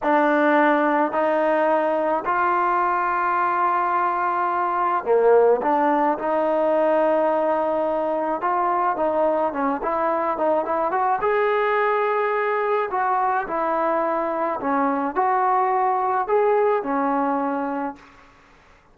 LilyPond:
\new Staff \with { instrumentName = "trombone" } { \time 4/4 \tempo 4 = 107 d'2 dis'2 | f'1~ | f'4 ais4 d'4 dis'4~ | dis'2. f'4 |
dis'4 cis'8 e'4 dis'8 e'8 fis'8 | gis'2. fis'4 | e'2 cis'4 fis'4~ | fis'4 gis'4 cis'2 | }